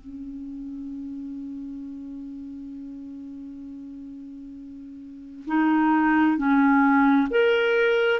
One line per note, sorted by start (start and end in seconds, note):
0.00 5.45 C#4
5.47 6.37 D#4
6.37 7.28 C#4
7.30 8.20 A#4